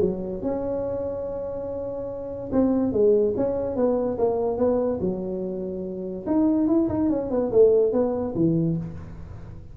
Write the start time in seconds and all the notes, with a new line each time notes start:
0.00 F#3
0.42 C#4
2.52 C4
2.92 G#3
3.36 C#4
3.76 B3
4.18 A#3
4.58 B3
5.00 F#3
6.26 D#4
6.67 E4
6.89 D#4
7.09 C#4
7.30 B3
7.52 A3
7.92 B3
8.35 E3